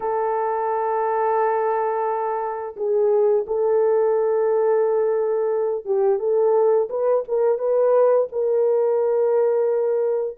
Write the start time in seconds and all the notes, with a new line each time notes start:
0.00 A4
2.76 G#4
3.47 A4
5.85 G4
6.19 A4
6.89 B4
7.28 A#4
7.58 B4
8.32 A#4